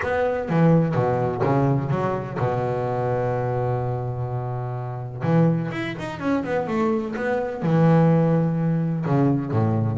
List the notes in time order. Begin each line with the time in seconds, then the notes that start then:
0.02 B3
0.49 E3
0.94 B2
1.43 C#3
1.90 F#3
2.38 B2
5.23 E3
5.71 E4
5.98 D#4
6.19 C#4
6.44 B3
6.67 A3
7.16 B3
7.62 E3
9.05 C#3
9.51 A2